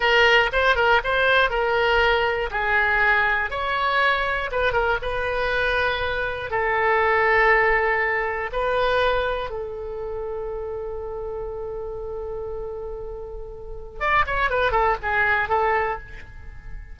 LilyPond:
\new Staff \with { instrumentName = "oboe" } { \time 4/4 \tempo 4 = 120 ais'4 c''8 ais'8 c''4 ais'4~ | ais'4 gis'2 cis''4~ | cis''4 b'8 ais'8 b'2~ | b'4 a'2.~ |
a'4 b'2 a'4~ | a'1~ | a'1 | d''8 cis''8 b'8 a'8 gis'4 a'4 | }